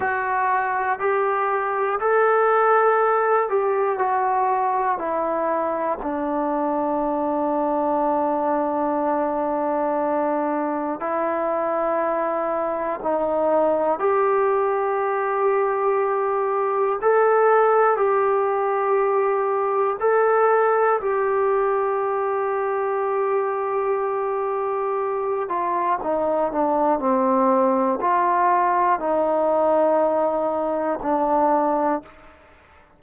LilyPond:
\new Staff \with { instrumentName = "trombone" } { \time 4/4 \tempo 4 = 60 fis'4 g'4 a'4. g'8 | fis'4 e'4 d'2~ | d'2. e'4~ | e'4 dis'4 g'2~ |
g'4 a'4 g'2 | a'4 g'2.~ | g'4. f'8 dis'8 d'8 c'4 | f'4 dis'2 d'4 | }